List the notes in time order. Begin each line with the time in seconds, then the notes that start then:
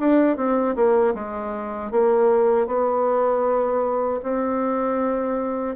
0.00 D4
0.37 C4
0.76 A#3
1.15 G#3
1.92 A#3
2.67 B3
4.23 C4